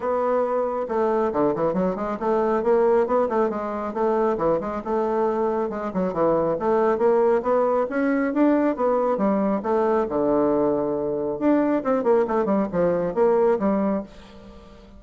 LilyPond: \new Staff \with { instrumentName = "bassoon" } { \time 4/4 \tempo 4 = 137 b2 a4 d8 e8 | fis8 gis8 a4 ais4 b8 a8 | gis4 a4 e8 gis8 a4~ | a4 gis8 fis8 e4 a4 |
ais4 b4 cis'4 d'4 | b4 g4 a4 d4~ | d2 d'4 c'8 ais8 | a8 g8 f4 ais4 g4 | }